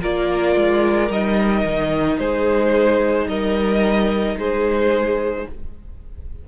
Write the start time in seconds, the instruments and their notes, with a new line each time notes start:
0.00 cello A#3, viola F4, violin A#4 D5
0.55 cello G#3
1.09 cello G3, viola D#4, violin D#5
1.64 cello D#3
2.17 cello G#3, violin G#4 C5
3.26 cello G3, violin A#4 D#5
4.36 cello G#3, violin G#4 C5